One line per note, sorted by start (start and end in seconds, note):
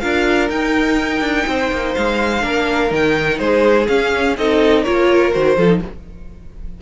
0.00 0.50 D4
0.00 0.50 F4
0.00 1.47 A#4
0.00 0.48 F5
0.50 1.21 D#4
0.50 2.42 D#4
0.50 1.95 G5
1.21 1.45 D4
1.47 1.71 C4
1.47 2.44 C5
1.72 1.96 A#3
1.95 2.43 G#3
1.95 2.92 F5
2.42 2.92 A#3
2.42 2.89 D4
2.42 3.40 A#4
2.89 3.40 D#3
2.89 3.86 D#4
2.89 3.39 G5
3.39 3.88 G#3
3.39 4.37 G#4
3.39 3.87 C5
3.88 4.37 C#4
3.88 4.37 F5
4.37 4.86 C4
4.37 4.86 D#4
4.37 4.84 A4
4.37 4.84 D#5
4.84 5.35 A#3
4.84 5.33 F4
4.84 5.57 A#4
4.84 5.32 C#5
5.33 5.58 D#3
5.33 5.57 F#4
5.33 5.81 C5
5.57 5.82 F3
5.57 5.68 F4
5.57 5.81 A4
5.68 5.80 D#4